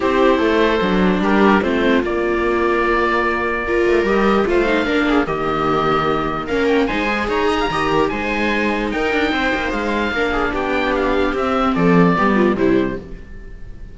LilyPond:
<<
  \new Staff \with { instrumentName = "oboe" } { \time 4/4 \tempo 4 = 148 c''2. ais'4 | c''4 d''2.~ | d''2 dis''4 f''4~ | f''4 dis''2. |
f''8 g''8 gis''4 ais''2 | gis''2 g''2 | f''2 g''4 f''4 | e''4 d''2 c''4 | }
  \new Staff \with { instrumentName = "viola" } { \time 4/4 g'4 a'2 g'4 | f'1~ | f'4 ais'2 c''4 | ais'8 gis'8 g'2. |
ais'4 c''4 cis''8 dis''16 f''16 dis''8 ais'8 | c''2 ais'4 c''4~ | c''4 ais'8 gis'8 g'2~ | g'4 a'4 g'8 f'8 e'4 | }
  \new Staff \with { instrumentName = "viola" } { \time 4/4 e'2 d'2 | c'4 ais2.~ | ais4 f'4 g'4 f'8 dis'8 | d'4 ais2. |
cis'4 dis'8 gis'4. g'4 | dis'1~ | dis'4 d'2. | c'2 b4 g4 | }
  \new Staff \with { instrumentName = "cello" } { \time 4/4 c'4 a4 fis4 g4 | a4 ais2.~ | ais4. a8 g4 a4 | ais4 dis2. |
ais4 gis4 dis'4 dis4 | gis2 dis'8 d'8 c'8 ais8 | gis4 ais4 b2 | c'4 f4 g4 c4 | }
>>